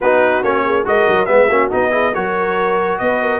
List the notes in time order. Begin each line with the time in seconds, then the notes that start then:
0.00 B3 D#4 F#4 B4
0.43 A#3 C#4 C#5
0.64 G#4
0.84 G#3 F#4 A#4 D#5
1.07 F#3
1.25 G#3 B3 B4 E5
1.48 A#3 C#4 F#4
1.71 B3 D#4 D#5
1.91 E4 G#4
2.14 F#3 F#4 A#4 C#5
2.98 B3 B4 D#5
3.21 A#4